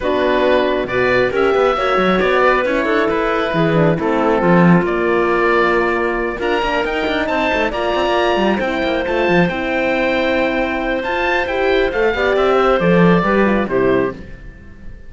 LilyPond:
<<
  \new Staff \with { instrumentName = "oboe" } { \time 4/4 \tempo 4 = 136 b'2 d''4 e''4~ | e''4 d''4 cis''4 b'4~ | b'4 a'2 d''4~ | d''2~ d''8 ais''4 g''8~ |
g''8 a''4 ais''2 g''8~ | g''8 a''4 g''2~ g''8~ | g''4 a''4 g''4 f''4 | e''4 d''2 c''4 | }
  \new Staff \with { instrumentName = "clarinet" } { \time 4/4 fis'2 b'4 ais'8 b'8 | cis''4. b'4 a'4. | gis'4 e'4 f'2~ | f'2~ f'8 ais'4.~ |
ais'8 c''4 d''2 c''8~ | c''1~ | c''2.~ c''8 d''8~ | d''8 c''4. b'4 g'4 | }
  \new Staff \with { instrumentName = "horn" } { \time 4/4 d'2 fis'4 g'4 | fis'2 e'2~ | e'8 d'8 c'2 ais4~ | ais2~ ais8 f'8 d'8 dis'8~ |
dis'4. f'2 e'8~ | e'8 f'4 e'2~ e'8~ | e'4 f'4 g'4 a'8 g'8~ | g'4 a'4 g'8 f'8 e'4 | }
  \new Staff \with { instrumentName = "cello" } { \time 4/4 b2 b,4 cis'8 b8 | ais8 fis8 b4 cis'8 d'8 e'4 | e4 a4 f4 ais4~ | ais2~ ais8 d'8 ais8 dis'8 |
d'8 c'8 a8 ais8 c'16 ais8. g8 c'8 | ais8 a8 f8 c'2~ c'8~ | c'4 f'4 e'4 a8 b8 | c'4 f4 g4 c4 | }
>>